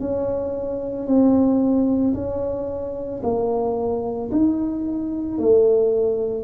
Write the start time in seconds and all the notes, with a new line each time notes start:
0.00 C#4
1.07 C4
2.14 C#4
3.23 A#3
4.31 D#4
5.38 A3